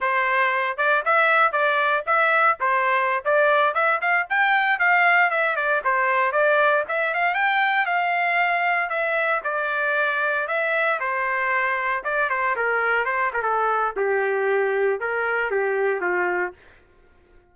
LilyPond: \new Staff \with { instrumentName = "trumpet" } { \time 4/4 \tempo 4 = 116 c''4. d''8 e''4 d''4 | e''4 c''4~ c''16 d''4 e''8 f''16~ | f''16 g''4 f''4 e''8 d''8 c''8.~ | c''16 d''4 e''8 f''8 g''4 f''8.~ |
f''4~ f''16 e''4 d''4.~ d''16~ | d''16 e''4 c''2 d''8 c''16~ | c''16 ais'4 c''8 ais'16 a'4 g'4~ | g'4 ais'4 g'4 f'4 | }